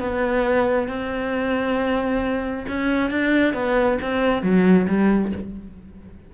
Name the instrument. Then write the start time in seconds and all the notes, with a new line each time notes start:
cello
0.00 B3
0.88 C4
2.68 C#4
3.11 D4
3.54 B3
4.02 C4
4.43 F#3
4.88 G3